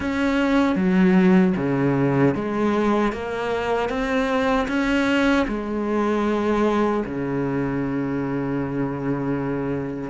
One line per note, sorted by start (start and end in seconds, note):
0.00 0.75 C#4
0.75 1.53 F#3
1.56 2.34 C#3
2.34 3.12 G#3
3.12 3.89 A#3
3.89 4.67 C4
4.68 5.45 C#4
5.47 7.03 G#3
7.05 10.10 C#3